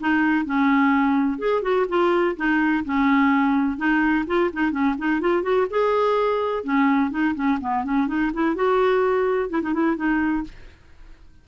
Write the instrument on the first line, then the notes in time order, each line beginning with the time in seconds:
clarinet
0.00 D#4
0.45 C#4
1.39 G#4
1.62 F#4
1.89 F4
2.37 D#4
2.85 C#4
3.77 D#4
4.27 F4
4.53 D#4
4.71 C#4
4.98 D#4
5.21 F4
5.43 F#4
5.70 G#4
6.64 C#4
7.11 D#4
7.35 C#4
7.61 B3
7.84 C#4
8.08 D#4
8.33 E4
8.55 F#4
9.50 E4
9.62 D#4
9.74 E4
9.96 D#4